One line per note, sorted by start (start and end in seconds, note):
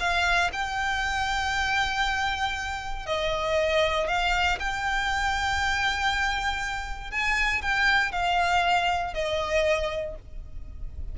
0.00 0.51 F5
0.53 3.06 G5
3.06 4.08 D#5
4.08 4.59 F5
4.60 7.11 G5
7.11 7.62 G#5
7.62 8.12 G5
8.12 9.14 F5
9.14 10.16 D#5